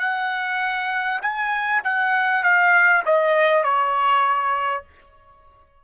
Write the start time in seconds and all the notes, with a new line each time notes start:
0.00 F#5
1.22 G#5
1.84 F#5
2.44 F5
3.06 D#5
3.64 C#5